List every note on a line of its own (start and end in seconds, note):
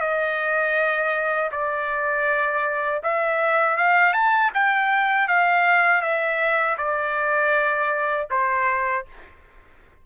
0.00 1.50 D#5
1.51 3.01 D5
3.03 3.77 E5
3.77 4.13 F5
4.13 4.50 A5
4.54 5.27 G5
5.27 6.01 F5
6.01 6.76 E5
6.77 8.27 D5
8.30 9.05 C5